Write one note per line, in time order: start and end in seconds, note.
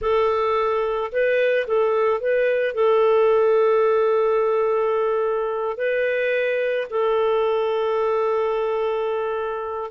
0.01 1.11 A4
1.12 1.67 B4
1.67 2.20 A4
2.20 2.74 B4
2.74 5.77 A4
5.77 6.87 B4
6.90 9.91 A4